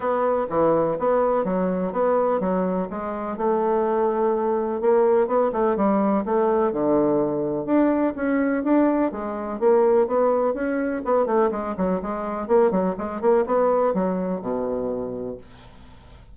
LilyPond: \new Staff \with { instrumentName = "bassoon" } { \time 4/4 \tempo 4 = 125 b4 e4 b4 fis4 | b4 fis4 gis4 a4~ | a2 ais4 b8 a8 | g4 a4 d2 |
d'4 cis'4 d'4 gis4 | ais4 b4 cis'4 b8 a8 | gis8 fis8 gis4 ais8 fis8 gis8 ais8 | b4 fis4 b,2 | }